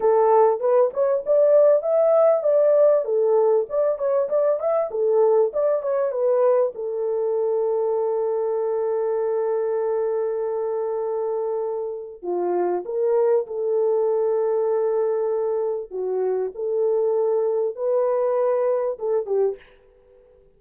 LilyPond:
\new Staff \with { instrumentName = "horn" } { \time 4/4 \tempo 4 = 98 a'4 b'8 cis''8 d''4 e''4 | d''4 a'4 d''8 cis''8 d''8 e''8 | a'4 d''8 cis''8 b'4 a'4~ | a'1~ |
a'1 | f'4 ais'4 a'2~ | a'2 fis'4 a'4~ | a'4 b'2 a'8 g'8 | }